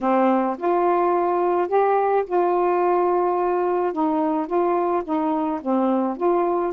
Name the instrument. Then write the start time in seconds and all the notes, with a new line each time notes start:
saxophone
0.00 C4
0.58 F4
1.68 G4
2.26 F4
3.93 D#4
4.46 F4
5.04 D#4
5.61 C4
6.17 F4